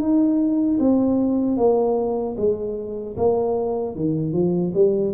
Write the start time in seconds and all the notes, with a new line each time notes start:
0.00 D#4
0.80 C4
1.58 A#3
2.38 G#3
3.17 A#3
3.96 D#3
4.33 F3
4.75 G3